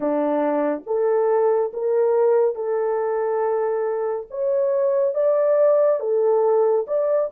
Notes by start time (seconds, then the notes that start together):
0.00 D4
0.86 A4
1.73 A#4
2.55 A4
4.30 C#5
5.14 D5
6.00 A4
6.87 D5